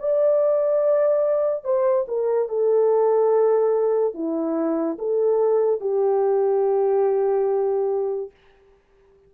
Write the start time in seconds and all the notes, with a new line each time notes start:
0.00 D5
1.65 C5
2.08 A#4
2.49 A4
4.14 E4
4.99 A4
5.81 G4